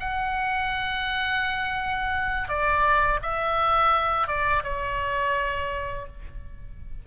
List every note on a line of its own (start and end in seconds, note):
0.00 2.49 F#5
2.49 3.20 D5
3.23 4.28 E5
4.28 4.63 D5
4.64 6.07 C#5